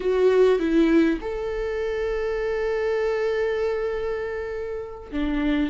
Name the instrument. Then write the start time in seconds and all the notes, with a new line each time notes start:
viola
0.00 F#4
0.59 E4
1.21 A4
5.11 D4